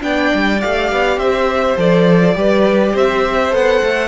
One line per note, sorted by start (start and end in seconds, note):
0.00 0.32 B3
0.00 0.58 D4
0.00 1.18 D5
0.00 0.61 G5
0.34 0.63 G3
0.61 0.92 A3
0.61 1.78 G4
0.61 1.19 F5
0.92 1.18 B3
1.18 1.76 C4
1.18 2.35 C5
1.18 1.77 E5
1.77 2.35 F3
1.77 2.35 A4
1.77 2.96 D5
2.35 2.94 G3
2.35 3.51 G4
2.35 2.93 B4
2.93 3.53 C4
2.93 4.08 C5
2.93 3.55 E5
3.51 3.82 B3
3.51 4.08 A4
3.51 4.08 F#5
3.83 4.08 A3